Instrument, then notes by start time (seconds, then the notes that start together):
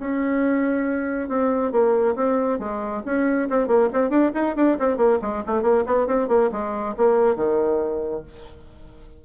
bassoon
0.00 C#4
1.29 C4
1.72 A#3
2.16 C4
2.59 G#3
3.05 C#4
3.50 C4
3.68 A#3
3.93 C4
4.10 D4
4.35 D#4
4.56 D4
4.80 C4
4.97 A#3
5.22 G#3
5.46 A3
5.63 A#3
5.87 B3
6.07 C4
6.28 A#3
6.52 G#3
6.97 A#3
7.36 D#3